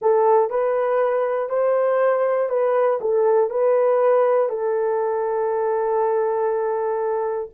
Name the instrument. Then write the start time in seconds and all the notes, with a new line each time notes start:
horn
0.01 A4
0.50 B4
1.49 C5
2.49 B4
3.00 A4
3.50 B4
4.49 A4